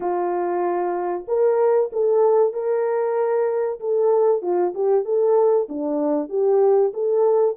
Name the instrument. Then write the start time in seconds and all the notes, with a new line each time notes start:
horn
0.00 F4
1.27 A#4
1.92 A4
2.53 A#4
3.80 A4
4.42 F4
4.74 G4
5.04 A4
5.68 D4
6.29 G4
6.93 A4